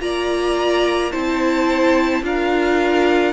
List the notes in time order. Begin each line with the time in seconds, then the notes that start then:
0.00 A#3 F4 D5 A#5
1.11 C4 E4 C5 A5
2.22 D4 F4 A#4 F5